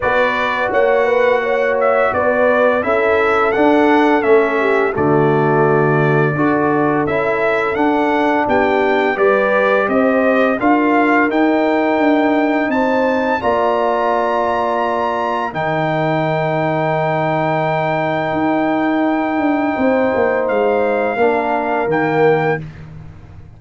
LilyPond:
<<
  \new Staff \with { instrumentName = "trumpet" } { \time 4/4 \tempo 4 = 85 d''4 fis''4. e''8 d''4 | e''4 fis''4 e''4 d''4~ | d''2 e''4 fis''4 | g''4 d''4 dis''4 f''4 |
g''2 a''4 ais''4~ | ais''2 g''2~ | g''1~ | g''4 f''2 g''4 | }
  \new Staff \with { instrumentName = "horn" } { \time 4/4 b'4 cis''8 b'8 cis''4 b'4 | a'2~ a'8 g'8 fis'4~ | fis'4 a'2. | g'4 b'4 c''4 ais'4~ |
ais'2 c''4 d''4~ | d''2 ais'2~ | ais'1 | c''2 ais'2 | }
  \new Staff \with { instrumentName = "trombone" } { \time 4/4 fis'1 | e'4 d'4 cis'4 a4~ | a4 fis'4 e'4 d'4~ | d'4 g'2 f'4 |
dis'2. f'4~ | f'2 dis'2~ | dis'1~ | dis'2 d'4 ais4 | }
  \new Staff \with { instrumentName = "tuba" } { \time 4/4 b4 ais2 b4 | cis'4 d'4 a4 d4~ | d4 d'4 cis'4 d'4 | b4 g4 c'4 d'4 |
dis'4 d'4 c'4 ais4~ | ais2 dis2~ | dis2 dis'4. d'8 | c'8 ais8 gis4 ais4 dis4 | }
>>